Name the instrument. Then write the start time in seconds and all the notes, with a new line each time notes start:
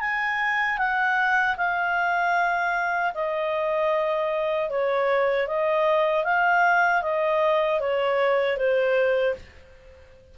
clarinet
0.00 G#5
0.78 F#5
1.57 F5
3.14 D#5
4.69 C#5
5.47 D#5
6.24 F5
7.02 D#5
7.80 C#5
8.56 C5